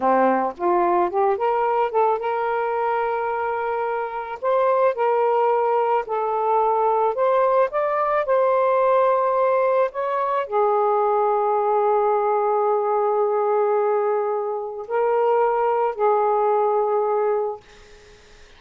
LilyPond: \new Staff \with { instrumentName = "saxophone" } { \time 4/4 \tempo 4 = 109 c'4 f'4 g'8 ais'4 a'8 | ais'1 | c''4 ais'2 a'4~ | a'4 c''4 d''4 c''4~ |
c''2 cis''4 gis'4~ | gis'1~ | gis'2. ais'4~ | ais'4 gis'2. | }